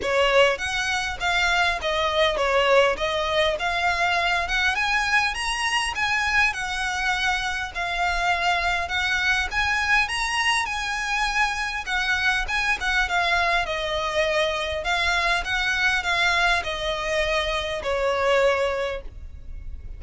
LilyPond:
\new Staff \with { instrumentName = "violin" } { \time 4/4 \tempo 4 = 101 cis''4 fis''4 f''4 dis''4 | cis''4 dis''4 f''4. fis''8 | gis''4 ais''4 gis''4 fis''4~ | fis''4 f''2 fis''4 |
gis''4 ais''4 gis''2 | fis''4 gis''8 fis''8 f''4 dis''4~ | dis''4 f''4 fis''4 f''4 | dis''2 cis''2 | }